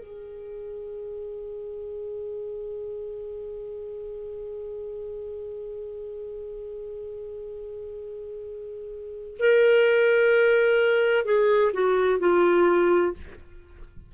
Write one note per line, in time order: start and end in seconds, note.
0.00 9.37 G#4
9.39 11.25 A#4
11.25 11.72 G#4
11.73 12.20 F#4
12.20 13.14 F4